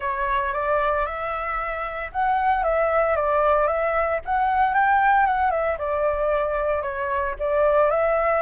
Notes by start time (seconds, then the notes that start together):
0.00 C#5
0.53 D5
1.06 E5
2.12 F#5
2.63 E5
3.16 D5
3.67 E5
4.25 F#5
4.74 G5
5.26 F#5
5.50 E5
5.78 D5
6.82 C#5
7.39 D5
7.90 E5